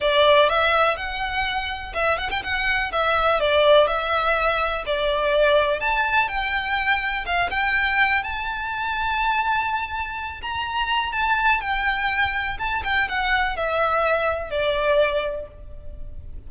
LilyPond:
\new Staff \with { instrumentName = "violin" } { \time 4/4 \tempo 4 = 124 d''4 e''4 fis''2 | e''8 fis''16 g''16 fis''4 e''4 d''4 | e''2 d''2 | a''4 g''2 f''8 g''8~ |
g''4 a''2.~ | a''4. ais''4. a''4 | g''2 a''8 g''8 fis''4 | e''2 d''2 | }